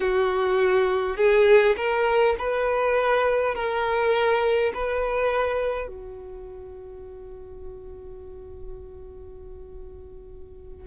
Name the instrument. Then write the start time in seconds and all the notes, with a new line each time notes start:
violin
0.00 F#4
1.17 G#4
1.76 A#4
2.38 B4
3.55 A#4
4.73 B4
5.87 F#4